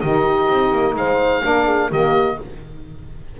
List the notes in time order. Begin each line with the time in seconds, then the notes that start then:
0.00 D#3 D#4 G4 D#5
0.49 C4
0.72 A#3
0.94 G#3 C5 F5
1.42 A#3 D4 A#4
1.65 G#4
1.90 D#3 A#3 G4 D#5